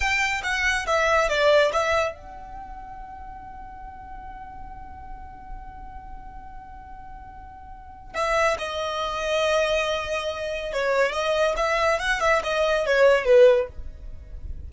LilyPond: \new Staff \with { instrumentName = "violin" } { \time 4/4 \tempo 4 = 140 g''4 fis''4 e''4 d''4 | e''4 fis''2.~ | fis''1~ | fis''1~ |
fis''2. e''4 | dis''1~ | dis''4 cis''4 dis''4 e''4 | fis''8 e''8 dis''4 cis''4 b'4 | }